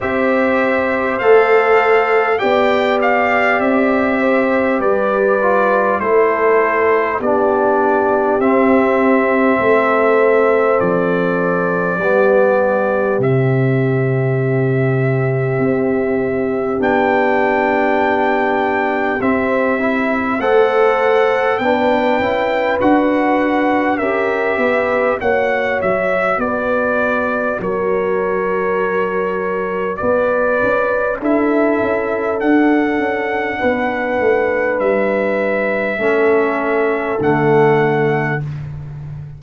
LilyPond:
<<
  \new Staff \with { instrumentName = "trumpet" } { \time 4/4 \tempo 4 = 50 e''4 f''4 g''8 f''8 e''4 | d''4 c''4 d''4 e''4~ | e''4 d''2 e''4~ | e''2 g''2 |
e''4 fis''4 g''4 fis''4 | e''4 fis''8 e''8 d''4 cis''4~ | cis''4 d''4 e''4 fis''4~ | fis''4 e''2 fis''4 | }
  \new Staff \with { instrumentName = "horn" } { \time 4/4 c''2 d''4. c''8 | b'4 a'4 g'2 | a'2 g'2~ | g'1~ |
g'4 c''4 b'2 | ais'8 b'8 cis''4 b'4 ais'4~ | ais'4 b'4 a'2 | b'2 a'2 | }
  \new Staff \with { instrumentName = "trombone" } { \time 4/4 g'4 a'4 g'2~ | g'8 f'8 e'4 d'4 c'4~ | c'2 b4 c'4~ | c'2 d'2 |
c'8 e'8 a'4 d'8 e'8 fis'4 | g'4 fis'2.~ | fis'2 e'4 d'4~ | d'2 cis'4 a4 | }
  \new Staff \with { instrumentName = "tuba" } { \time 4/4 c'4 a4 b4 c'4 | g4 a4 b4 c'4 | a4 f4 g4 c4~ | c4 c'4 b2 |
c'4 a4 b8 cis'8 d'4 | cis'8 b8 ais8 fis8 b4 fis4~ | fis4 b8 cis'8 d'8 cis'8 d'8 cis'8 | b8 a8 g4 a4 d4 | }
>>